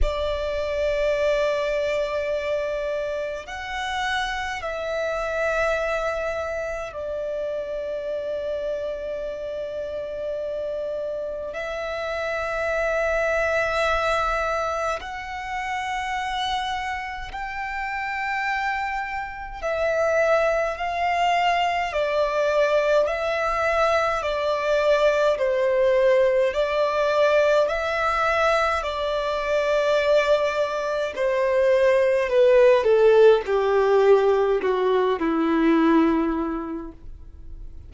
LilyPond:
\new Staff \with { instrumentName = "violin" } { \time 4/4 \tempo 4 = 52 d''2. fis''4 | e''2 d''2~ | d''2 e''2~ | e''4 fis''2 g''4~ |
g''4 e''4 f''4 d''4 | e''4 d''4 c''4 d''4 | e''4 d''2 c''4 | b'8 a'8 g'4 fis'8 e'4. | }